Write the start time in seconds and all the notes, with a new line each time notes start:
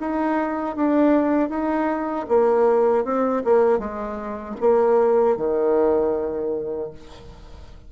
0.00 D#4
0.76 D4
1.49 D#4
2.28 A#3
3.04 C4
3.44 A#3
3.79 G#3
4.60 A#3
5.37 D#3